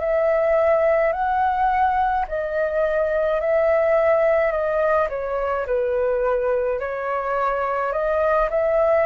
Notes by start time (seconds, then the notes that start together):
0.00 E5
1.13 F#5
2.28 D#5
3.40 E5
4.51 D#5
5.09 C#5
5.67 B4
6.80 C#5
7.92 D#5
8.50 E5